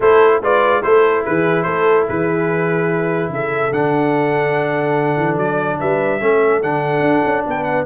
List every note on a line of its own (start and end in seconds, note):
0.00 0.41 A3
0.00 0.42 E4
0.00 0.40 A4
0.00 0.42 C5
0.41 0.83 G#3
0.41 0.82 F4
0.41 0.84 B4
0.41 0.82 D5
0.82 1.26 A3
0.82 3.72 E4
0.82 1.25 A4
0.82 1.24 C5
1.24 1.66 E3
1.24 1.65 G#4
1.24 1.62 B4
1.62 2.07 A3
1.62 2.06 A4
1.62 2.04 C5
2.06 3.29 E3
2.06 3.31 G#4
2.06 3.32 B4
3.29 3.70 C#3
3.29 5.79 A4
3.29 3.72 E5
3.71 5.16 D3
3.71 6.20 D4
3.71 5.37 F#5
5.17 5.37 E3
5.37 5.78 F#3
5.37 5.79 D5
5.79 6.21 G3
5.79 6.21 B4
5.79 6.62 E5
6.20 6.62 A3
6.20 6.61 C#4
6.20 7.46 A4
6.62 7.00 D3
6.62 7.86 D4
6.62 7.45 F#5
7.00 7.21 D4
7.24 7.45 C#4
7.47 7.86 B3
7.47 7.86 B4
7.47 7.63 G5
7.63 7.84 F#5